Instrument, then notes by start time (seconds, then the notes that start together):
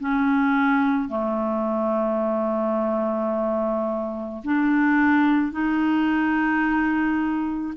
clarinet
0.00 C#4
1.09 A3
4.44 D4
5.52 D#4